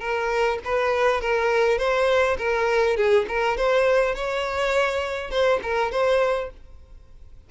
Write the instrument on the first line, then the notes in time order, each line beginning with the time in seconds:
violin
0.00 A#4
0.65 B4
1.21 A#4
1.78 C5
2.38 A#4
2.97 G#4
3.28 A#4
3.57 C5
4.15 C#5
5.31 C5
5.63 A#4
5.92 C5